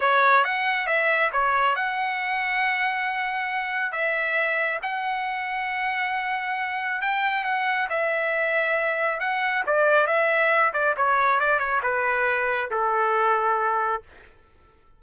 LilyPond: \new Staff \with { instrumentName = "trumpet" } { \time 4/4 \tempo 4 = 137 cis''4 fis''4 e''4 cis''4 | fis''1~ | fis''4 e''2 fis''4~ | fis''1 |
g''4 fis''4 e''2~ | e''4 fis''4 d''4 e''4~ | e''8 d''8 cis''4 d''8 cis''8 b'4~ | b'4 a'2. | }